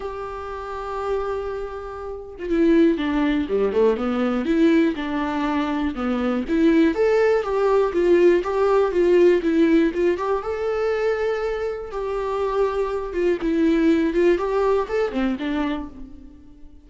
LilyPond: \new Staff \with { instrumentName = "viola" } { \time 4/4 \tempo 4 = 121 g'1~ | g'8. f'16 e'4 d'4 g8 a8 | b4 e'4 d'2 | b4 e'4 a'4 g'4 |
f'4 g'4 f'4 e'4 | f'8 g'8 a'2. | g'2~ g'8 f'8 e'4~ | e'8 f'8 g'4 a'8 c'8 d'4 | }